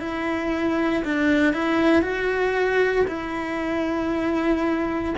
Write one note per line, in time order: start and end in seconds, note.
0.00 1.03 E4
1.04 1.54 D4
1.54 2.02 E4
2.02 3.06 F#4
3.08 5.15 E4